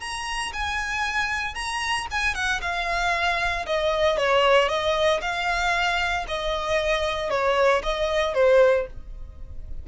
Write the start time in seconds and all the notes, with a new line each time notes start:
0.00 A#5
0.53 G#5
1.54 A#5
2.11 G#5
2.35 F#5
2.61 F5
3.66 D#5
4.17 C#5
4.68 D#5
5.21 F5
6.28 D#5
7.30 C#5
7.83 D#5
8.34 C5